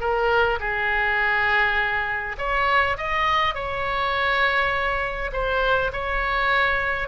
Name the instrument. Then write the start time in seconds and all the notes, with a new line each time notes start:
oboe
0.00 A#4
0.59 G#4
2.38 C#5
2.97 D#5
3.54 C#5
5.33 C5
5.93 C#5